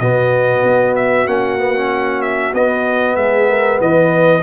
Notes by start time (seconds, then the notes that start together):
0.00 B2 B3 F#4 D#5
0.63 B3
0.96 E5
1.26 A#3 C#4 F#5
1.59 B3
1.75 C#4
2.22 E5
2.54 B3 D#5
3.16 G#3 G#4 E5
3.49 A#4
3.79 E3 B4 D#5